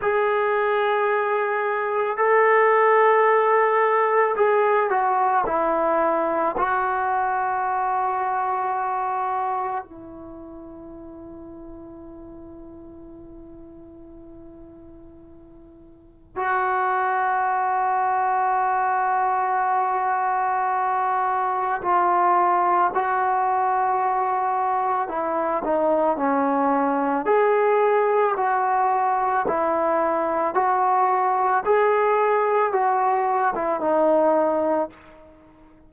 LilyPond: \new Staff \with { instrumentName = "trombone" } { \time 4/4 \tempo 4 = 55 gis'2 a'2 | gis'8 fis'8 e'4 fis'2~ | fis'4 e'2.~ | e'2. fis'4~ |
fis'1 | f'4 fis'2 e'8 dis'8 | cis'4 gis'4 fis'4 e'4 | fis'4 gis'4 fis'8. e'16 dis'4 | }